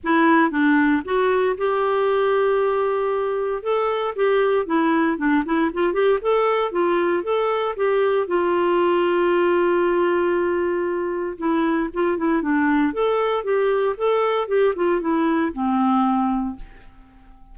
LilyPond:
\new Staff \with { instrumentName = "clarinet" } { \time 4/4 \tempo 4 = 116 e'4 d'4 fis'4 g'4~ | g'2. a'4 | g'4 e'4 d'8 e'8 f'8 g'8 | a'4 f'4 a'4 g'4 |
f'1~ | f'2 e'4 f'8 e'8 | d'4 a'4 g'4 a'4 | g'8 f'8 e'4 c'2 | }